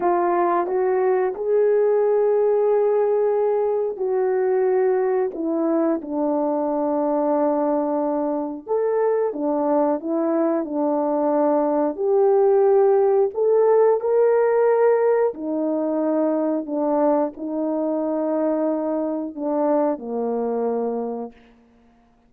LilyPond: \new Staff \with { instrumentName = "horn" } { \time 4/4 \tempo 4 = 90 f'4 fis'4 gis'2~ | gis'2 fis'2 | e'4 d'2.~ | d'4 a'4 d'4 e'4 |
d'2 g'2 | a'4 ais'2 dis'4~ | dis'4 d'4 dis'2~ | dis'4 d'4 ais2 | }